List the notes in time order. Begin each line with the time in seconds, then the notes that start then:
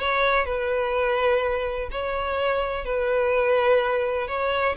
0.00 C#5
0.45 B4
1.91 C#5
2.85 B4
4.28 C#5